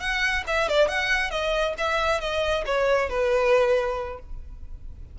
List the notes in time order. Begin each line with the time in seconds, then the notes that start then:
0.00 F#5
0.47 E5
0.68 D5
0.88 F#5
1.30 D#5
1.78 E5
2.20 D#5
2.66 C#5
3.09 B4